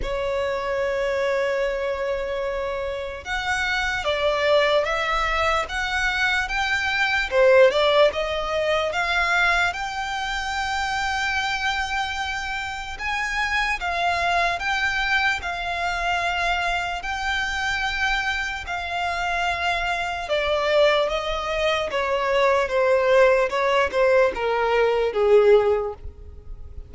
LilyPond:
\new Staff \with { instrumentName = "violin" } { \time 4/4 \tempo 4 = 74 cis''1 | fis''4 d''4 e''4 fis''4 | g''4 c''8 d''8 dis''4 f''4 | g''1 |
gis''4 f''4 g''4 f''4~ | f''4 g''2 f''4~ | f''4 d''4 dis''4 cis''4 | c''4 cis''8 c''8 ais'4 gis'4 | }